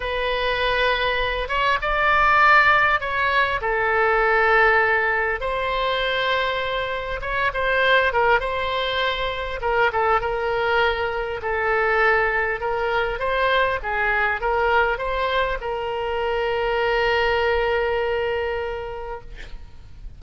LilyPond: \new Staff \with { instrumentName = "oboe" } { \time 4/4 \tempo 4 = 100 b'2~ b'8 cis''8 d''4~ | d''4 cis''4 a'2~ | a'4 c''2. | cis''8 c''4 ais'8 c''2 |
ais'8 a'8 ais'2 a'4~ | a'4 ais'4 c''4 gis'4 | ais'4 c''4 ais'2~ | ais'1 | }